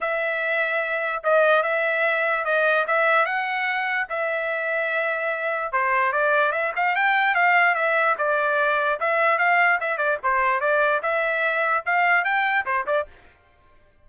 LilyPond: \new Staff \with { instrumentName = "trumpet" } { \time 4/4 \tempo 4 = 147 e''2. dis''4 | e''2 dis''4 e''4 | fis''2 e''2~ | e''2 c''4 d''4 |
e''8 f''8 g''4 f''4 e''4 | d''2 e''4 f''4 | e''8 d''8 c''4 d''4 e''4~ | e''4 f''4 g''4 c''8 d''8 | }